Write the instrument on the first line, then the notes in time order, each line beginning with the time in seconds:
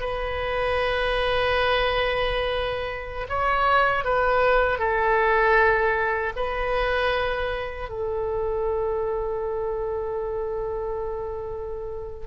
oboe
0.00 B4
3.29 C#5
4.04 B4
4.79 A4
6.36 B4
7.89 A4